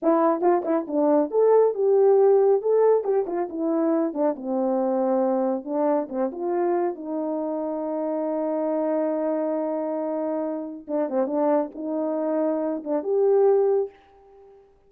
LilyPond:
\new Staff \with { instrumentName = "horn" } { \time 4/4 \tempo 4 = 138 e'4 f'8 e'8 d'4 a'4 | g'2 a'4 g'8 f'8 | e'4. d'8 c'2~ | c'4 d'4 c'8 f'4. |
dis'1~ | dis'1~ | dis'4 d'8 c'8 d'4 dis'4~ | dis'4. d'8 g'2 | }